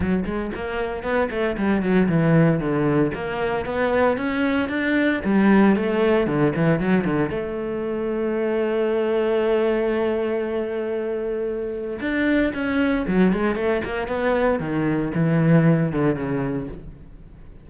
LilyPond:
\new Staff \with { instrumentName = "cello" } { \time 4/4 \tempo 4 = 115 fis8 gis8 ais4 b8 a8 g8 fis8 | e4 d4 ais4 b4 | cis'4 d'4 g4 a4 | d8 e8 fis8 d8 a2~ |
a1~ | a2. d'4 | cis'4 fis8 gis8 a8 ais8 b4 | dis4 e4. d8 cis4 | }